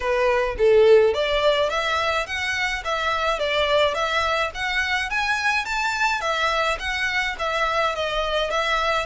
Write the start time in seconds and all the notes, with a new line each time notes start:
0.00 B4
0.58 A4
1.13 D5
1.69 E5
2.26 F#5
2.84 E5
3.39 D5
3.94 E5
4.54 F#5
5.09 G#5
5.65 A5
6.20 E5
6.79 F#5
7.38 E5
7.95 D#5
8.50 E5